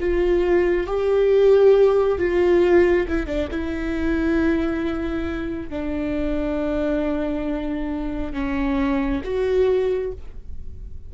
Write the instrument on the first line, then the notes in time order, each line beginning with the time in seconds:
viola
0.00 F4
0.87 G4
2.19 F4
3.08 E4
3.26 D4
3.51 E4
5.70 D4
8.33 C#4
9.24 F#4